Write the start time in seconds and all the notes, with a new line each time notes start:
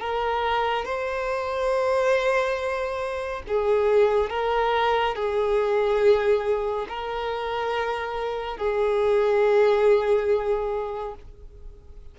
0.00 A#4
0.85 C5
3.47 G#4
4.29 A#4
5.15 G#4
6.88 A#4
8.57 G#4